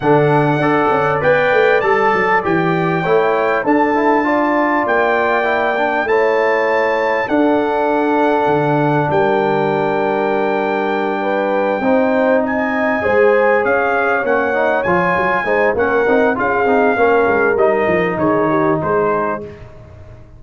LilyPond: <<
  \new Staff \with { instrumentName = "trumpet" } { \time 4/4 \tempo 4 = 99 fis''2 g''4 a''4 | g''2 a''2 | g''2 a''2 | fis''2. g''4~ |
g''1~ | g''8 gis''2 f''4 fis''8~ | fis''8 gis''4. fis''4 f''4~ | f''4 dis''4 cis''4 c''4 | }
  \new Staff \with { instrumentName = "horn" } { \time 4/4 a'4 d''2.~ | d''4 cis''4 a'4 d''4~ | d''2 cis''2 | a'2. ais'4~ |
ais'2~ ais'8 b'4 c''8~ | c''8 dis''4 c''4 cis''4.~ | cis''4. c''8 ais'4 gis'4 | ais'2 gis'8 g'8 gis'4 | }
  \new Staff \with { instrumentName = "trombone" } { \time 4/4 d'4 a'4 b'4 a'4 | g'4 e'4 d'8 e'8 f'4~ | f'4 e'8 d'8 e'2 | d'1~ |
d'2.~ d'8 dis'8~ | dis'4. gis'2 cis'8 | dis'8 f'4 dis'8 cis'8 dis'8 f'8 dis'8 | cis'4 dis'2. | }
  \new Staff \with { instrumentName = "tuba" } { \time 4/4 d4 d'8 cis'8 b8 a8 g8 fis8 | e4 a4 d'2 | ais2 a2 | d'2 d4 g4~ |
g2.~ g8 c'8~ | c'4. gis4 cis'4 ais8~ | ais8 f8 fis8 gis8 ais8 c'8 cis'8 c'8 | ais8 gis8 g8 f8 dis4 gis4 | }
>>